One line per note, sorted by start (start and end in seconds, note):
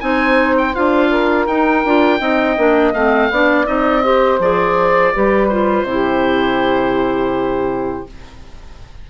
0.00 0.75 C4
0.00 0.73 D#4
0.00 1.09 C5
0.00 0.55 G#5
0.58 0.75 G5
0.74 1.47 D4
0.74 1.47 F4
0.74 1.47 F5
1.09 2.19 A#4
1.47 1.84 D#4
1.47 1.86 D#4
1.47 2.93 G5
1.85 2.20 D4
1.85 2.19 F4
2.19 2.57 C4
2.19 2.56 D#4
2.19 3.30 D#5
2.57 2.94 A#3
2.57 2.94 D4
2.94 3.30 A3
2.94 3.31 C4
2.94 3.66 F5
3.30 3.67 B3
3.30 3.66 D4
3.30 4.04 D5
3.66 4.39 C4
3.66 4.02 D#4
3.66 4.39 D#5
4.03 4.40 G4
4.03 5.14 C5
4.39 5.12 F3
4.39 5.14 G#4
4.39 5.48 D5
5.14 5.84 G3
5.14 5.51 G4
5.14 5.87 B4
5.48 5.87 F4
5.48 8.04 C5
5.84 8.04 C3
5.84 8.07 E4
5.90 8.10 G4